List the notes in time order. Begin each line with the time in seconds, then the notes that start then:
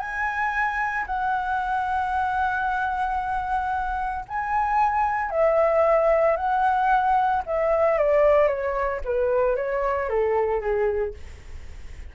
0.00 G#5
1.07 F#5
4.28 G#5
5.31 E5
6.37 F#5
7.46 E5
7.99 D5
8.48 C#5
9.05 B4
9.56 C#5
10.10 A4
10.61 G#4